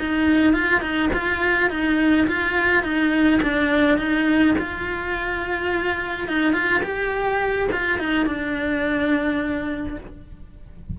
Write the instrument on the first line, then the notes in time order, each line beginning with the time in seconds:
cello
0.00 D#4
0.54 F4
0.81 D#4
1.14 F4
1.70 D#4
2.28 F4
2.83 D#4
3.43 D4
3.98 D#4
4.58 F4
6.28 D#4
6.54 F4
6.83 G4
7.72 F4
7.99 D#4
8.26 D4